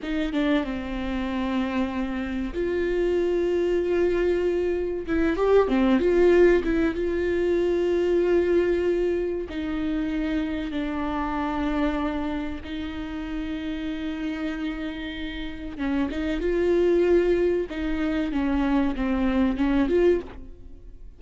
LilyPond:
\new Staff \with { instrumentName = "viola" } { \time 4/4 \tempo 4 = 95 dis'8 d'8 c'2. | f'1 | e'8 g'8 c'8 f'4 e'8 f'4~ | f'2. dis'4~ |
dis'4 d'2. | dis'1~ | dis'4 cis'8 dis'8 f'2 | dis'4 cis'4 c'4 cis'8 f'8 | }